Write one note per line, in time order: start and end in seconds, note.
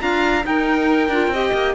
0.00 0.45 D4
0.00 0.42 F4
0.00 0.46 F5
0.00 0.45 A#5
0.42 1.08 D#4
0.42 1.09 D#4
0.42 1.33 A#4
0.42 1.75 G5
1.09 1.28 D4
1.09 1.34 F4
1.28 1.50 C4
1.28 1.75 G4
1.28 1.75 D#5
1.53 1.75 A#3